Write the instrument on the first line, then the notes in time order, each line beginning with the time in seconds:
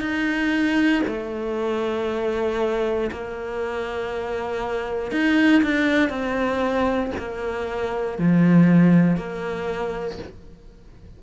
cello
0.00 D#4
1.07 A3
3.11 A#3
5.11 D#4
5.63 D4
6.09 C4
7.18 A#3
8.18 F3
9.16 A#3